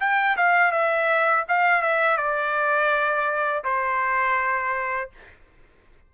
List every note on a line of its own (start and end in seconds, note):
0.00 0.37 G5
0.37 0.72 F5
0.72 1.45 E5
1.48 1.82 F5
1.82 2.17 E5
2.17 3.64 D5
3.64 5.10 C5